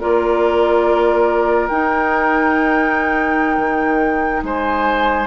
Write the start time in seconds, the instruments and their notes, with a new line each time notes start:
0.00 bassoon A#3, clarinet F4, oboe A#4, flute D5
1.68 bassoon D#4, clarinet D#4, flute G5
3.58 bassoon D#3
4.43 bassoon G#3, oboe C5, flute G#5